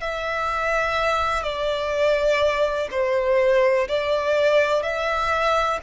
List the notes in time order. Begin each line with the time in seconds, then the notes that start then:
0.00 E5
1.43 D5
2.91 C5
3.88 D5
4.83 E5